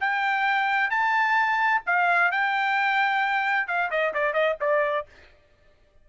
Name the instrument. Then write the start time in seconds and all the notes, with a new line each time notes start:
trumpet
0.00 G5
0.90 A5
1.86 F5
2.31 G5
3.67 F5
3.90 D#5
4.13 D5
4.33 D#5
4.60 D5